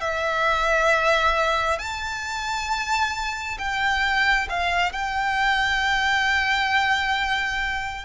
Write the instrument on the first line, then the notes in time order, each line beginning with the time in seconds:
violin
0.00 E5
1.78 A5
3.58 G5
4.49 F5
4.92 G5